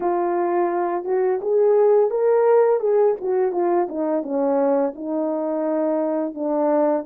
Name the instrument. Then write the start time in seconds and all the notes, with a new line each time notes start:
horn
0.00 F4
1.04 F#4
1.41 G#4
2.10 A#4
2.79 G#4
3.20 F#4
3.52 F4
3.89 D#4
4.23 C#4
4.95 D#4
6.34 D4